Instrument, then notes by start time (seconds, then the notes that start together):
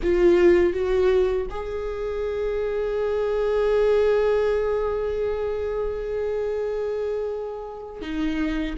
viola
0.02 F4
0.73 F#4
1.50 G#4
8.01 D#4